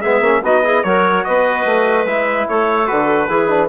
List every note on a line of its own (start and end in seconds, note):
0.00 0.21 G#3
0.00 0.23 B3
0.00 0.41 G#4
0.00 0.42 E5
0.21 0.41 A#3
0.21 0.43 C#4
0.42 0.83 B3
0.42 0.64 D#4
0.42 0.63 F#4
0.42 0.83 D#5
0.64 0.84 E4
0.64 0.84 G#4
0.83 1.25 F#3
0.83 2.06 F#4
0.83 1.26 A#4
0.83 1.24 C#5
1.24 1.65 B3
1.24 2.49 B4
1.24 2.06 D#5
1.65 2.05 A3
2.05 2.46 G#3
2.05 2.87 E4
2.05 2.47 E5
2.49 2.90 A3
2.49 3.28 A4
2.49 2.87 C#5
2.87 3.28 D3
2.87 3.28 F#4
2.87 3.68 B4
3.28 3.69 E3
3.28 3.48 E4
3.28 3.69 G#4
3.48 3.69 D4